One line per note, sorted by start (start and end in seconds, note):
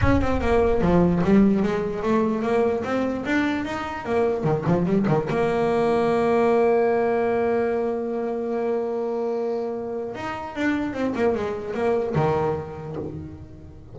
0.01 0.21 C#4
0.21 0.41 C4
0.41 0.81 A#3
0.81 1.22 F3
1.24 1.62 G3
1.62 2.03 G#3
2.03 2.42 A3
2.42 2.82 A#3
2.84 3.24 C4
3.25 3.65 D4
3.65 4.05 D#4
4.05 4.44 A#3
4.44 4.64 D#3
4.66 4.85 F3
4.85 5.06 G3
5.08 5.28 D#3
5.29 10.15 A#3
10.15 10.55 D#4
10.55 10.93 D4
10.93 11.13 C4
11.15 11.35 A#3
11.35 11.73 G#3
11.73 12.14 A#3
12.15 12.96 D#3